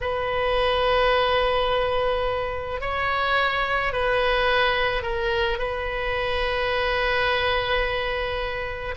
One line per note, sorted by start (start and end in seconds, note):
0.00 2.80 B4
2.80 3.92 C#5
3.92 5.02 B4
5.02 5.58 A#4
5.58 8.94 B4